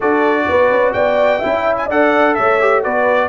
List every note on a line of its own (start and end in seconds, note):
0.00 0.48 D4
0.00 1.42 F#4
0.00 0.45 A4
0.00 0.93 D5
0.48 0.70 B3
0.48 0.93 B4
0.70 0.94 C#4
0.93 1.42 B3
0.93 1.39 D5
0.93 1.75 G5
1.39 1.89 C#4
1.39 1.90 E4
1.39 1.86 E5
1.76 1.88 G#5
1.86 2.37 D4
1.86 2.60 A4
1.86 2.33 D5
1.86 2.34 F#5
2.34 2.85 A3
2.34 2.83 C#5
2.34 2.81 E5
2.60 2.84 G4
2.83 3.28 B3
2.83 3.28 F#4
2.83 3.28 B4
2.83 3.28 D5